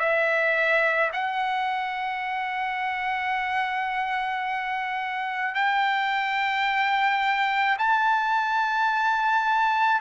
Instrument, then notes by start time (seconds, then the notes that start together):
trumpet
0.00 E5
1.13 F#5
5.55 G5
7.79 A5